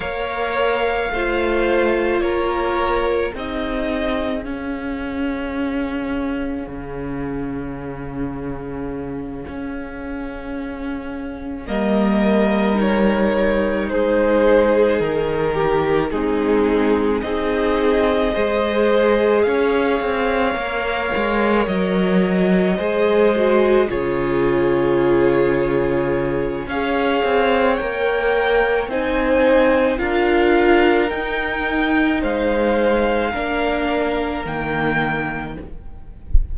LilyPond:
<<
  \new Staff \with { instrumentName = "violin" } { \time 4/4 \tempo 4 = 54 f''2 cis''4 dis''4 | f''1~ | f''2~ f''8 dis''4 cis''8~ | cis''8 c''4 ais'4 gis'4 dis''8~ |
dis''4. f''2 dis''8~ | dis''4. cis''2~ cis''8 | f''4 g''4 gis''4 f''4 | g''4 f''2 g''4 | }
  \new Staff \with { instrumentName = "violin" } { \time 4/4 cis''4 c''4 ais'4 gis'4~ | gis'1~ | gis'2~ gis'8 ais'4.~ | ais'8 gis'4. g'8 dis'4 gis'8~ |
gis'8 c''4 cis''2~ cis''8~ | cis''8 c''4 gis'2~ gis'8 | cis''2 c''4 ais'4~ | ais'4 c''4 ais'2 | }
  \new Staff \with { instrumentName = "viola" } { \time 4/4 ais'4 f'2 dis'4 | cis'1~ | cis'2~ cis'8 ais4 dis'8~ | dis'2~ dis'8 c'4 dis'8~ |
dis'8 gis'2 ais'4.~ | ais'8 gis'8 fis'8 f'2~ f'8 | gis'4 ais'4 dis'4 f'4 | dis'2 d'4 ais4 | }
  \new Staff \with { instrumentName = "cello" } { \time 4/4 ais4 a4 ais4 c'4 | cis'2 cis2~ | cis8 cis'2 g4.~ | g8 gis4 dis4 gis4 c'8~ |
c'8 gis4 cis'8 c'8 ais8 gis8 fis8~ | fis8 gis4 cis2~ cis8 | cis'8 c'8 ais4 c'4 d'4 | dis'4 gis4 ais4 dis4 | }
>>